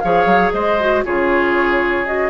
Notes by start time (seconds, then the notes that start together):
0.00 F3 G#4 C#5 F5
0.26 F#3
0.52 G#3 C5 D#5
0.80 F#4
1.05 C#3 F4 G#4 C#5
2.06 F#4 D#5